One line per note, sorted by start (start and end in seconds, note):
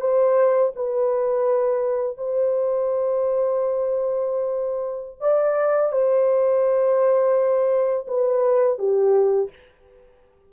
0.00 0.71 C5
0.75 2.17 B4
2.17 5.20 C5
5.20 5.92 D5
5.92 8.06 C5
8.07 8.78 B4
8.78 9.49 G4